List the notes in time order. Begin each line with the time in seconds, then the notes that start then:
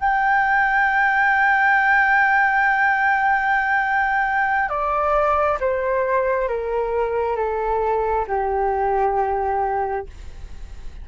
0.00 G5
4.69 D5
5.61 C5
6.48 A#4
7.36 A4
8.28 G4